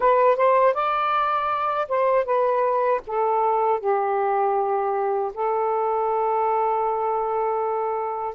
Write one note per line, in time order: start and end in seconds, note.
0.00 0.36 B4
0.36 0.74 C5
0.74 1.88 D5
1.88 2.25 C5
2.25 3.01 B4
3.07 3.80 A4
3.80 5.32 G4
5.34 8.34 A4